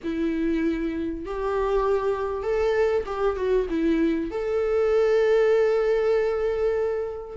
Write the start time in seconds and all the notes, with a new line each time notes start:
0.03 E4
1.25 G4
2.42 A4
3.06 G4
3.36 F#4
3.69 E4
4.30 A4